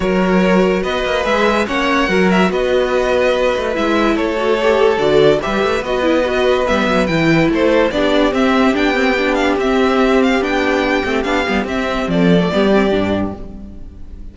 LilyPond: <<
  \new Staff \with { instrumentName = "violin" } { \time 4/4 \tempo 4 = 144 cis''2 dis''4 e''4 | fis''4. e''8 dis''2~ | dis''4 e''4 cis''2 | d''4 e''4 dis''2 |
e''4 g''4 c''4 d''4 | e''4 g''4. f''8 e''4~ | e''8 f''8 g''2 f''4 | e''4 d''2. | }
  \new Staff \with { instrumentName = "violin" } { \time 4/4 ais'2 b'2 | cis''4 ais'4 b'2~ | b'2 a'2~ | a'4 b'2.~ |
b'2 a'4 g'4~ | g'1~ | g'1~ | g'4 a'4 g'2 | }
  \new Staff \with { instrumentName = "viola" } { \time 4/4 fis'2. gis'4 | cis'4 fis'2.~ | fis'4 e'4. fis'8 g'4 | fis'4 g'4 fis'8 e'8 fis'4 |
b4 e'2 d'4 | c'4 d'8 c'8 d'4 c'4~ | c'4 d'4. c'8 d'8 b8 | c'4.~ c'16 a16 b8 c'8 d'4 | }
  \new Staff \with { instrumentName = "cello" } { \time 4/4 fis2 b8 ais8 gis4 | ais4 fis4 b2~ | b8 a8 gis4 a2 | d4 g8 a8 b2 |
g8 fis8 e4 a4 b4 | c'4 b2 c'4~ | c'4 b4. a8 b8 g8 | c'4 f4 g4 g,4 | }
>>